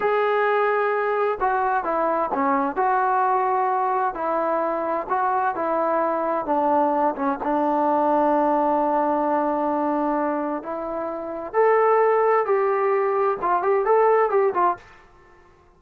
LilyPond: \new Staff \with { instrumentName = "trombone" } { \time 4/4 \tempo 4 = 130 gis'2. fis'4 | e'4 cis'4 fis'2~ | fis'4 e'2 fis'4 | e'2 d'4. cis'8 |
d'1~ | d'2. e'4~ | e'4 a'2 g'4~ | g'4 f'8 g'8 a'4 g'8 f'8 | }